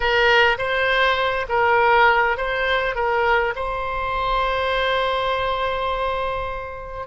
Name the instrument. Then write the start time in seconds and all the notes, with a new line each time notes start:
oboe
0.00 A#4
0.57 C5
1.49 A#4
2.37 C5
2.95 A#4
3.55 C5